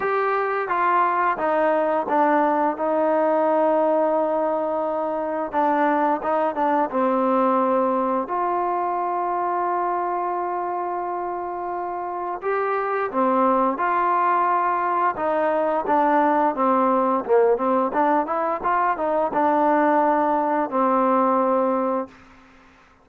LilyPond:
\new Staff \with { instrumentName = "trombone" } { \time 4/4 \tempo 4 = 87 g'4 f'4 dis'4 d'4 | dis'1 | d'4 dis'8 d'8 c'2 | f'1~ |
f'2 g'4 c'4 | f'2 dis'4 d'4 | c'4 ais8 c'8 d'8 e'8 f'8 dis'8 | d'2 c'2 | }